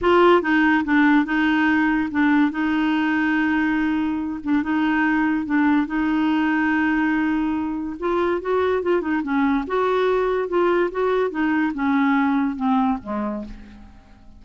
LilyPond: \new Staff \with { instrumentName = "clarinet" } { \time 4/4 \tempo 4 = 143 f'4 dis'4 d'4 dis'4~ | dis'4 d'4 dis'2~ | dis'2~ dis'8 d'8 dis'4~ | dis'4 d'4 dis'2~ |
dis'2. f'4 | fis'4 f'8 dis'8 cis'4 fis'4~ | fis'4 f'4 fis'4 dis'4 | cis'2 c'4 gis4 | }